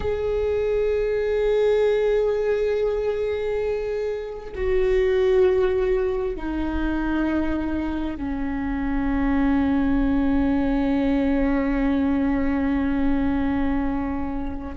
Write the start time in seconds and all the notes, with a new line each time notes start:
0.00 G#4
4.55 F#4
6.36 D#4
8.16 C#4